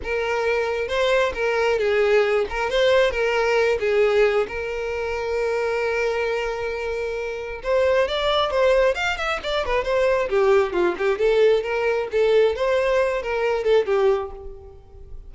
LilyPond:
\new Staff \with { instrumentName = "violin" } { \time 4/4 \tempo 4 = 134 ais'2 c''4 ais'4 | gis'4. ais'8 c''4 ais'4~ | ais'8 gis'4. ais'2~ | ais'1~ |
ais'4 c''4 d''4 c''4 | f''8 e''8 d''8 b'8 c''4 g'4 | f'8 g'8 a'4 ais'4 a'4 | c''4. ais'4 a'8 g'4 | }